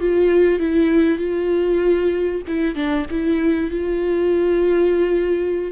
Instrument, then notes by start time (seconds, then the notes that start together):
viola
0.00 F4
0.59 E4
1.18 F4
2.47 E4
2.75 D4
3.11 E4
3.71 F4